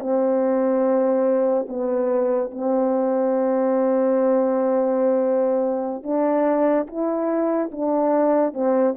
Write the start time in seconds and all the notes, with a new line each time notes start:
0.00 C4
1.69 B3
2.52 C4
6.04 D4
6.87 E4
7.72 D4
8.54 C4